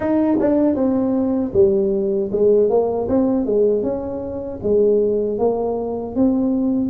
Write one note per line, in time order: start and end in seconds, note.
0.00 0.37 D#4
0.40 0.75 D4
0.75 1.52 C4
1.53 2.30 G3
2.31 2.69 G#3
2.69 3.08 A#3
3.08 3.45 C4
3.45 3.83 G#3
3.83 4.59 C#4
4.62 5.38 G#3
5.38 6.15 A#3
6.15 6.90 C4